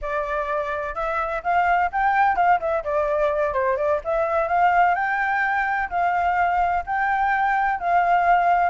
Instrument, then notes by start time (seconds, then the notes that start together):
flute
0.01 D5
0.94 E5
1.43 F5
1.92 G5
2.35 F5
2.60 E5
2.84 D5
3.53 C5
3.77 D5
4.04 E5
4.48 F5
4.94 G5
5.89 F5
6.86 G5
7.79 F5